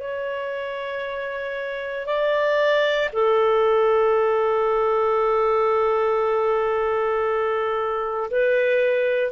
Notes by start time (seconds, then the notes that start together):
0.00 C#5
2.06 D5
3.13 A4
8.30 B4